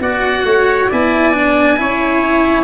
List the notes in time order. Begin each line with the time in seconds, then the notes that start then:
0.00 B3 F#4 D5 F#5
0.45 A3 C#5
0.89 B3 E4 D5 G#5
1.34 D4
1.78 C#4 E4 C#5